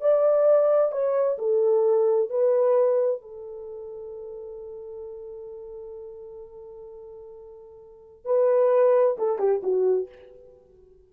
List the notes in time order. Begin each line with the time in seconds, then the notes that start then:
0.00 D5
0.91 C#5
1.38 A4
2.30 B4
3.21 A4
8.25 B4
9.18 A4
9.38 G4
9.63 F#4